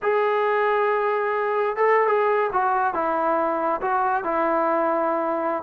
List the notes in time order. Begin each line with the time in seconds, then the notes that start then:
0.02 G#4
1.76 A4
2.07 G#4
2.53 F#4
2.93 E4
3.81 F#4
4.24 E4